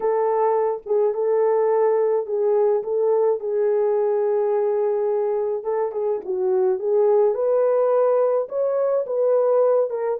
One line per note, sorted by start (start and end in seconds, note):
0.00 0.82 A4
0.86 1.14 G#4
1.14 2.26 A4
2.26 2.83 G#4
2.83 3.40 A4
3.40 5.63 G#4
5.63 5.92 A4
5.92 6.20 G#4
6.24 6.79 F#4
6.79 7.34 G#4
7.34 8.48 B4
8.48 9.05 C#5
9.06 9.90 B4
9.90 10.18 A#4